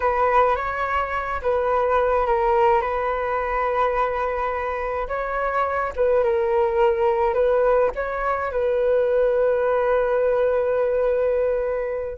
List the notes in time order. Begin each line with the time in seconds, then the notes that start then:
0.00 B4
0.56 C#5
1.42 B4
2.26 A#4
2.81 B4
5.08 C#5
5.96 B4
6.23 A#4
7.34 B4
7.95 C#5
8.51 B4